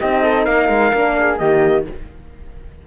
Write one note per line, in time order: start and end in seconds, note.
0.00 0.47 C4
0.00 0.93 D#4
0.00 0.22 G4
0.00 0.45 D#5
0.22 0.46 A4
0.45 0.69 A#3
0.45 1.15 A#4
0.45 1.38 F5
0.69 0.92 G#3
0.93 1.40 A#3
0.93 1.38 D4
1.19 1.40 G#4
1.38 1.86 D#3
1.38 1.84 A#3
1.38 1.87 G4
1.38 1.85 D#5